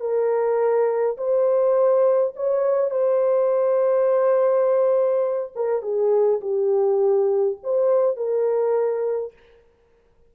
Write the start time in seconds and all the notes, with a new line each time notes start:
0.00 A#4
1.17 C5
2.36 C#5
2.91 C5
5.55 A#4
5.82 G#4
6.41 G4
7.63 C5
8.16 A#4